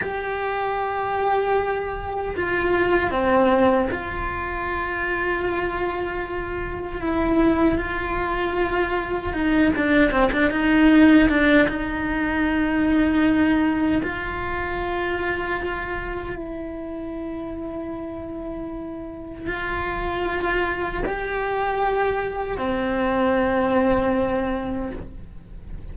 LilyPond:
\new Staff \with { instrumentName = "cello" } { \time 4/4 \tempo 4 = 77 g'2. f'4 | c'4 f'2.~ | f'4 e'4 f'2 | dis'8 d'8 c'16 d'16 dis'4 d'8 dis'4~ |
dis'2 f'2~ | f'4 e'2.~ | e'4 f'2 g'4~ | g'4 c'2. | }